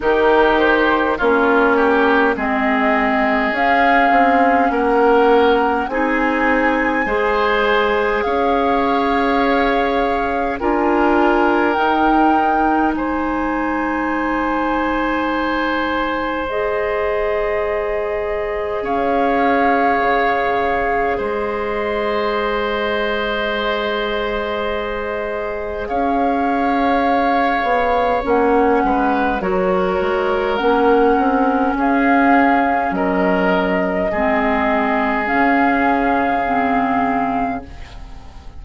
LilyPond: <<
  \new Staff \with { instrumentName = "flute" } { \time 4/4 \tempo 4 = 51 ais'8 c''8 cis''4 dis''4 f''4 | fis''4 gis''2 f''4~ | f''4 gis''4 g''4 gis''4~ | gis''2 dis''2 |
f''2 dis''2~ | dis''2 f''2 | fis''4 cis''4 fis''4 f''4 | dis''2 f''2 | }
  \new Staff \with { instrumentName = "oboe" } { \time 4/4 g'4 f'8 g'8 gis'2 | ais'4 gis'4 c''4 cis''4~ | cis''4 ais'2 c''4~ | c''1 |
cis''2 c''2~ | c''2 cis''2~ | cis''8 b'8 ais'2 gis'4 | ais'4 gis'2. | }
  \new Staff \with { instrumentName = "clarinet" } { \time 4/4 dis'4 cis'4 c'4 cis'4~ | cis'4 dis'4 gis'2~ | gis'4 f'4 dis'2~ | dis'2 gis'2~ |
gis'1~ | gis'1 | cis'4 fis'4 cis'2~ | cis'4 c'4 cis'4 c'4 | }
  \new Staff \with { instrumentName = "bassoon" } { \time 4/4 dis4 ais4 gis4 cis'8 c'8 | ais4 c'4 gis4 cis'4~ | cis'4 d'4 dis'4 gis4~ | gis1 |
cis'4 cis4 gis2~ | gis2 cis'4. b8 | ais8 gis8 fis8 gis8 ais8 c'8 cis'4 | fis4 gis4 cis2 | }
>>